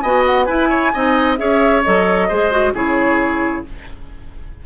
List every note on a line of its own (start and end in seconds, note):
0.00 0.47 B3
0.00 0.46 F#4
0.00 0.46 D#5
0.00 0.23 G#5
0.25 0.45 F#5
0.45 0.91 E4
0.45 0.94 E4
0.45 0.68 B4
0.45 1.35 G#5
0.69 0.91 C#5
0.93 1.39 C4
0.93 1.37 D#4
0.93 1.38 D#5
1.37 1.84 C#4
1.37 1.82 G#4
1.37 2.28 C#5
1.37 1.82 E5
1.83 2.30 F#3
1.83 2.30 A4
1.83 2.73 D#5
2.28 2.72 G#3
2.28 2.51 G#4
2.28 2.73 C5
2.51 2.73 F#4
2.72 3.63 C#3
2.72 3.64 E4
2.72 3.64 G#4
2.72 3.65 C#5